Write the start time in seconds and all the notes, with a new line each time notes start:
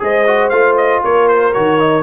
0.00 G#3 G#4 C5 D#5
0.27 F#4
0.50 A3 F4 F5
0.78 D#5
1.04 A#3 A#4 C#5
1.29 C5
1.54 D#3 F#4 C#5
1.80 D#4